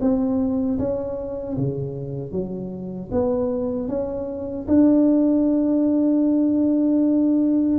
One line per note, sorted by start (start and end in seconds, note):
0.00 0.78 C4
0.78 1.56 C#4
1.57 2.31 C#3
2.31 3.09 F#3
3.11 3.88 B3
3.88 4.66 C#4
4.68 7.78 D4